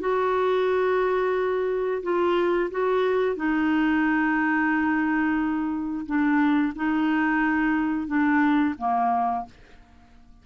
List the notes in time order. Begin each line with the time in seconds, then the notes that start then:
0.00 F#4
2.03 F4
2.71 F#4
3.36 D#4
6.06 D4
6.75 D#4
8.07 D4
8.78 A#3